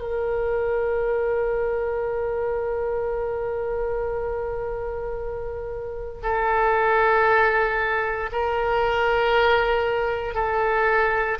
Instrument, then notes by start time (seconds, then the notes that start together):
oboe
0.00 A#4
6.23 A4
8.32 A#4
10.34 A4